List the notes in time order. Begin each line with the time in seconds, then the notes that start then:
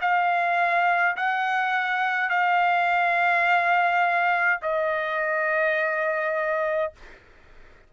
0.00 F5
1.16 F#5
2.29 F5
4.62 D#5